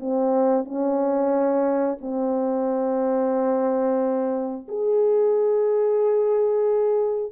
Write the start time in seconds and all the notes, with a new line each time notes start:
0.00 C4
0.65 C#4
2.01 C4
4.68 G#4